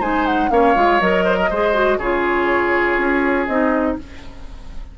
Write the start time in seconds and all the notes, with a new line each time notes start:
0.00 G#3 D#4 C5 G#5
0.26 F#5
0.51 A#3 C#4 C#5 F5
0.75 G#3 F4
1.01 F#3 A#4 D#5
1.25 C5
1.37 A#4
1.50 G#3 G#4 C5
1.74 F#4
1.98 C#3 F4 G#4 C#5
2.98 C#4
3.47 C4 D#4 D#5